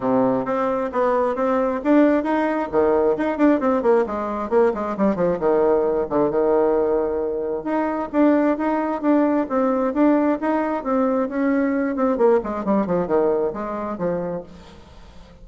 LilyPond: \new Staff \with { instrumentName = "bassoon" } { \time 4/4 \tempo 4 = 133 c4 c'4 b4 c'4 | d'4 dis'4 dis4 dis'8 d'8 | c'8 ais8 gis4 ais8 gis8 g8 f8 | dis4. d8 dis2~ |
dis4 dis'4 d'4 dis'4 | d'4 c'4 d'4 dis'4 | c'4 cis'4. c'8 ais8 gis8 | g8 f8 dis4 gis4 f4 | }